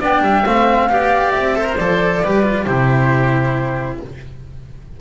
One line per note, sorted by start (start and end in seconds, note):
0.00 0.21 B3
0.00 0.45 D4
0.00 0.22 D5
0.00 0.47 G5
0.21 0.43 G3
0.21 0.90 E5
0.46 0.90 A3
0.46 0.89 C4
0.46 1.31 F5
0.89 1.34 B3
0.89 1.56 G4
0.89 1.58 D5
1.31 1.79 C4
1.31 1.76 E5
1.56 1.65 A4
1.56 2.24 C5
1.65 1.76 A#4
1.76 2.23 F3
1.76 2.24 A4
1.76 2.65 D5
2.24 2.67 G3
2.24 2.43 G4
2.24 2.65 B4
2.43 2.66 F4
2.65 4.00 C3
2.65 4.00 E4
2.65 3.99 G4
2.65 3.99 C5